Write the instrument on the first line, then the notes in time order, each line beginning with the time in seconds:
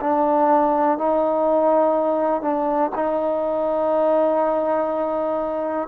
trombone
0.00 D4
0.98 D#4
2.41 D4
2.95 D#4